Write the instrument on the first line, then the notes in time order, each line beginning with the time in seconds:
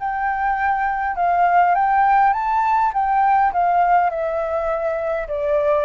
flute
0.00 G5
1.16 F5
1.75 G5
2.33 A5
2.94 G5
3.53 F5
4.10 E5
5.28 D5